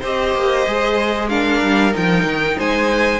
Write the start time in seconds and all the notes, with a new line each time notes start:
0.00 C4 G4 C5 D#5
0.35 A#3
0.67 G#3 G#4
1.29 D4 A#4 F5
1.62 G3
1.92 F3 D#4 G5
2.24 D#3
2.57 G#3 C5 G#5